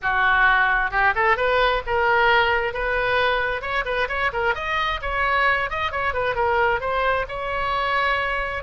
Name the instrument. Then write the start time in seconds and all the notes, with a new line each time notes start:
oboe
0.01 F#4
0.90 G4
1.15 A4
1.36 B4
1.86 A#4
2.73 B4
3.61 C#5
3.85 B4
4.08 C#5
4.32 A#4
4.55 D#5
5.01 C#5
5.70 D#5
5.91 C#5
6.13 B4
6.35 A#4
6.80 C5
7.28 C#5